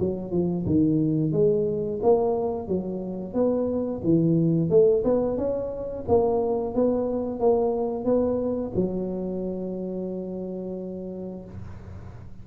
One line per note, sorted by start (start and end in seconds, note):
0.00 0.32 F#3
0.32 0.65 F3
0.66 1.32 D#3
1.32 2.00 G#3
2.03 2.68 A#3
2.68 3.34 F#3
3.34 4.01 B3
4.04 4.70 E3
4.70 5.03 A3
5.04 5.37 B3
5.37 6.05 C#4
6.09 6.75 A#3
6.75 7.40 B3
7.40 8.05 A#3
8.05 8.72 B3
8.75 11.45 F#3